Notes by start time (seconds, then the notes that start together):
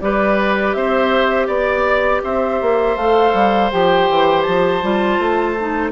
0.00 G3 G4 B4 D5
0.73 C4 C5 E5
1.48 B3 D5
2.24 C4 C5 E5
2.61 A#3
2.97 A3 A4 F5
3.34 G3
3.72 F3 G4 G5
4.09 E3
4.42 F3 A5
4.83 G3 F4
5.19 A3
5.60 D#4